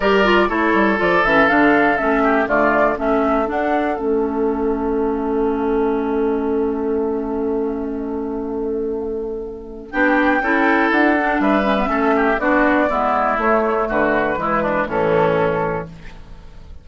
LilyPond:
<<
  \new Staff \with { instrumentName = "flute" } { \time 4/4 \tempo 4 = 121 d''4 cis''4 d''8 e''8 f''4 | e''4 d''4 e''4 fis''4 | e''1~ | e''1~ |
e''1 | g''2 fis''4 e''4~ | e''4 d''2 cis''4 | b'2 a'2 | }
  \new Staff \with { instrumentName = "oboe" } { \time 4/4 ais'4 a'2.~ | a'8 g'8 f'4 a'2~ | a'1~ | a'1~ |
a'1 | g'4 a'2 b'4 | a'8 g'8 fis'4 e'2 | fis'4 e'8 d'8 cis'2 | }
  \new Staff \with { instrumentName = "clarinet" } { \time 4/4 g'8 f'8 e'4 f'8 cis'8 d'4 | cis'4 a4 cis'4 d'4 | cis'1~ | cis'1~ |
cis'1 | d'4 e'4. d'4 cis'16 b16 | cis'4 d'4 b4 a4~ | a4 gis4 e2 | }
  \new Staff \with { instrumentName = "bassoon" } { \time 4/4 g4 a8 g8 f8 e8 d4 | a4 d4 a4 d'4 | a1~ | a1~ |
a1 | b4 cis'4 d'4 g4 | a4 b4 gis4 a4 | d4 e4 a,2 | }
>>